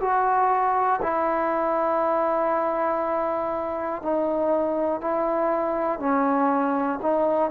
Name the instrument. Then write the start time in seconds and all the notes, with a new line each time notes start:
trombone
0.00 F#4
1.02 E4
4.02 D#4
5.01 E4
6.00 C#4
7.02 D#4